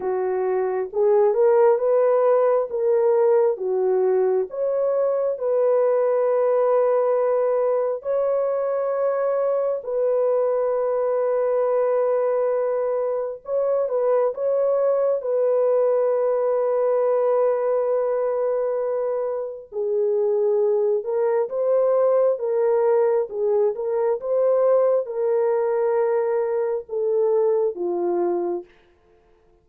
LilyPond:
\new Staff \with { instrumentName = "horn" } { \time 4/4 \tempo 4 = 67 fis'4 gis'8 ais'8 b'4 ais'4 | fis'4 cis''4 b'2~ | b'4 cis''2 b'4~ | b'2. cis''8 b'8 |
cis''4 b'2.~ | b'2 gis'4. ais'8 | c''4 ais'4 gis'8 ais'8 c''4 | ais'2 a'4 f'4 | }